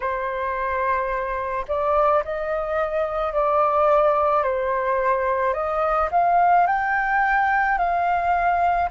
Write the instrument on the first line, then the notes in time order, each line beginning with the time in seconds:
flute
0.00 C5
1.68 D5
2.24 D#5
3.33 D5
4.43 C5
5.53 D#5
6.11 F5
6.67 G5
7.78 F5